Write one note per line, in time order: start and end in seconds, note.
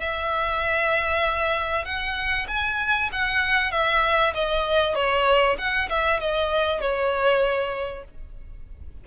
0.00 1.84 E5
1.84 2.46 F#5
2.47 3.09 G#5
3.12 3.71 F#5
3.71 4.33 E5
4.34 4.95 D#5
4.95 5.56 C#5
5.58 5.89 F#5
5.89 6.20 E5
6.20 6.80 D#5
6.80 8.04 C#5